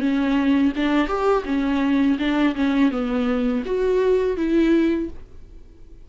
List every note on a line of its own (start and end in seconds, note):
0.00 0.72 C#4
0.76 1.08 D4
1.08 1.44 G4
1.45 2.18 C#4
2.19 2.55 D4
2.55 2.91 C#4
2.91 3.63 B3
3.66 4.37 F#4
4.37 5.09 E4